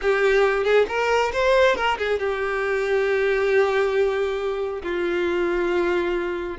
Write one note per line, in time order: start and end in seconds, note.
0.01 0.64 G4
0.64 0.85 G#4
0.88 1.32 A#4
1.32 1.75 C5
1.75 1.97 A#4
1.98 2.19 G#4
2.19 4.82 G4
4.82 6.57 F4